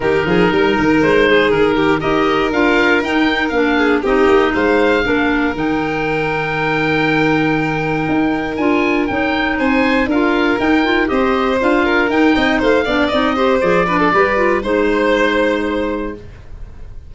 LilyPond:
<<
  \new Staff \with { instrumentName = "oboe" } { \time 4/4 \tempo 4 = 119 ais'2 c''4 ais'4 | dis''4 f''4 g''4 f''4 | dis''4 f''2 g''4~ | g''1~ |
g''4 gis''4 g''4 gis''4 | f''4 g''4 dis''4 f''4 | g''4 f''4 dis''4 d''4~ | d''4 c''2. | }
  \new Staff \with { instrumentName = "violin" } { \time 4/4 g'8 gis'8 ais'4. gis'4 g'8 | ais'2.~ ais'8 gis'8 | g'4 c''4 ais'2~ | ais'1~ |
ais'2. c''4 | ais'2 c''4. ais'8~ | ais'8 dis''8 c''8 d''4 c''4 b'16 a'16 | b'4 c''2. | }
  \new Staff \with { instrumentName = "clarinet" } { \time 4/4 dis'1 | g'4 f'4 dis'4 d'4 | dis'2 d'4 dis'4~ | dis'1~ |
dis'4 f'4 dis'2 | f'4 dis'8 f'8 g'4 f'4 | dis'4. d'8 dis'8 g'8 gis'8 d'8 | g'8 f'8 dis'2. | }
  \new Staff \with { instrumentName = "tuba" } { \time 4/4 dis8 f8 g8 dis8 gis4 dis4 | dis'4 d'4 dis'4 ais4 | c'8 ais8 gis4 ais4 dis4~ | dis1 |
dis'4 d'4 cis'4 c'4 | d'4 dis'4 c'4 d'4 | dis'8 c'8 a8 b8 c'4 f4 | g4 gis2. | }
>>